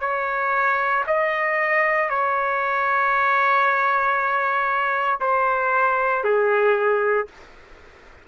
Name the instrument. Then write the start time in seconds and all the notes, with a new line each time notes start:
trumpet
0.00 C#5
1.06 D#5
2.09 C#5
5.20 C5
6.24 G#4